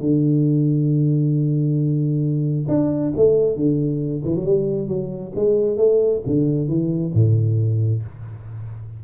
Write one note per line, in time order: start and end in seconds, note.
0.00 2.67 D3
2.68 3.12 D4
3.16 3.56 A3
3.56 4.22 D3
4.24 4.35 E3
4.35 4.45 F#3
4.45 4.87 G3
4.87 5.32 F#3
5.35 5.77 G#3
5.77 6.21 A3
6.26 6.68 D3
6.68 7.12 E3
7.13 8.02 A2